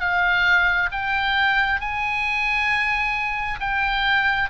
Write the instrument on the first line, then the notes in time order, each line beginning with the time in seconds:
oboe
0.00 F5
0.92 G5
1.81 G#5
3.60 G5